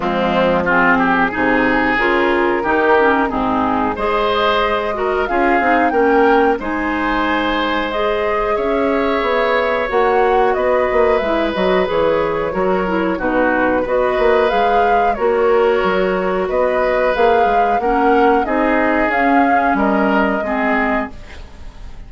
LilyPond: <<
  \new Staff \with { instrumentName = "flute" } { \time 4/4 \tempo 4 = 91 f'4 gis'2 ais'4~ | ais'4 gis'4 dis''2 | f''4 g''4 gis''2 | dis''4 e''2 fis''4 |
dis''4 e''8 dis''8 cis''2 | b'4 dis''4 f''4 cis''4~ | cis''4 dis''4 f''4 fis''4 | dis''4 f''4 dis''2 | }
  \new Staff \with { instrumentName = "oboe" } { \time 4/4 c'4 f'8 g'8 gis'2 | g'4 dis'4 c''4. ais'8 | gis'4 ais'4 c''2~ | c''4 cis''2. |
b'2. ais'4 | fis'4 b'2 ais'4~ | ais'4 b'2 ais'4 | gis'2 ais'4 gis'4 | }
  \new Staff \with { instrumentName = "clarinet" } { \time 4/4 gis4 c'4 dis'4 f'4 | dis'8 cis'8 c'4 gis'4. fis'8 | f'8 dis'8 cis'4 dis'2 | gis'2. fis'4~ |
fis'4 e'8 fis'8 gis'4 fis'8 e'8 | dis'4 fis'4 gis'4 fis'4~ | fis'2 gis'4 cis'4 | dis'4 cis'2 c'4 | }
  \new Staff \with { instrumentName = "bassoon" } { \time 4/4 f2 c4 cis4 | dis4 gis,4 gis2 | cis'8 c'8 ais4 gis2~ | gis4 cis'4 b4 ais4 |
b8 ais8 gis8 fis8 e4 fis4 | b,4 b8 ais8 gis4 ais4 | fis4 b4 ais8 gis8 ais4 | c'4 cis'4 g4 gis4 | }
>>